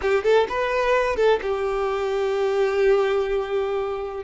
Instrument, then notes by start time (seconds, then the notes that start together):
violin
0.01 G4
0.23 A4
0.49 B4
1.16 A4
1.42 G4